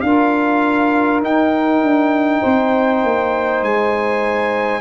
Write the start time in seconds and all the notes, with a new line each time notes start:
0.00 D4 F4 A#4 F5
1.22 D#4 G5
1.81 D4
2.41 C4 C5
3.03 A#3
3.62 G#3 G#5